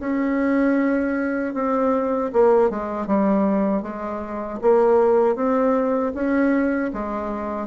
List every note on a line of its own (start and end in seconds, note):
0.00 1.54 C#4
1.54 2.31 C4
2.33 2.70 A#3
2.70 3.07 G#3
3.07 3.82 G3
3.82 4.59 G#3
4.61 5.36 A#3
5.36 6.13 C4
6.14 6.91 C#4
6.93 7.67 G#3